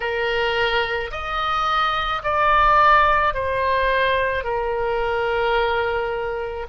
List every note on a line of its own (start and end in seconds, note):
0.00 1.11 A#4
1.11 2.22 D#5
2.23 3.33 D5
3.33 4.44 C5
4.44 6.66 A#4